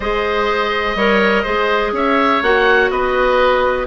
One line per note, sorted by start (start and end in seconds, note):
0.00 0.95 G#3
0.00 0.97 G#4
0.00 0.96 C5
0.00 1.93 D#5
0.95 1.43 G3
0.95 1.45 A#4
0.95 1.42 C#5
1.42 1.92 G#3
1.42 2.42 G#4
1.42 1.91 C5
1.92 2.40 C#4
1.92 2.91 C#5
1.92 2.43 E5
2.42 2.90 A#3
2.42 3.87 F#4
2.42 2.90 F#5
2.90 3.87 B3
2.90 3.87 B4
2.90 3.87 D#5